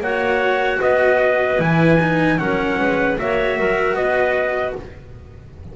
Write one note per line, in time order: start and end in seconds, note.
0.00 0.79 A#3
0.00 1.58 F#4
0.00 0.79 C#5
0.00 0.82 F#5
0.79 1.59 B3
0.79 2.37 B4
0.79 1.61 D#5
1.58 2.38 E3
1.58 1.97 E4
1.58 2.39 G#5
2.00 2.38 D#4
2.38 2.79 F#3
2.38 3.17 C#4
2.38 2.79 A#4
2.38 3.18 F#5
2.79 3.19 G#3
2.79 3.18 B4
3.18 3.59 A#3
3.18 4.76 F#4
3.18 3.59 C#5
3.18 3.95 E5
3.59 3.94 F#3
3.59 3.97 A#4
3.94 4.73 B3
3.94 4.76 B4
3.94 4.74 D#5